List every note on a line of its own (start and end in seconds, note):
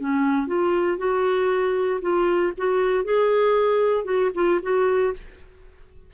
0.00 0.47 C#4
0.47 0.98 F4
0.98 2.00 F#4
2.01 2.53 F4
2.57 3.04 F#4
3.04 4.05 G#4
4.05 4.31 F#4
4.35 4.60 F4
4.62 5.13 F#4